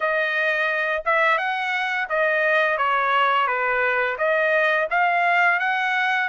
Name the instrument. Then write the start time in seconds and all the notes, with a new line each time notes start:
trumpet
0.00 D#5
1.05 E5
1.38 F#5
2.09 D#5
2.77 C#5
3.47 B4
4.17 D#5
4.90 F5
5.59 F#5